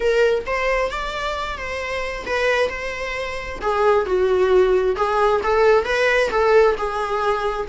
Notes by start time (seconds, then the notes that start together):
0.00 A#4
0.46 C5
0.90 D5
1.57 C5
2.26 B4
2.69 C5
3.61 G#4
4.05 F#4
4.96 G#4
5.43 A4
5.84 B4
6.30 A4
6.77 G#4